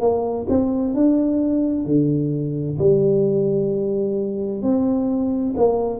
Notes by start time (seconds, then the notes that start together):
0.00 A#3
0.49 C4
0.94 D4
1.85 D3
2.78 G3
4.62 C4
5.56 A#3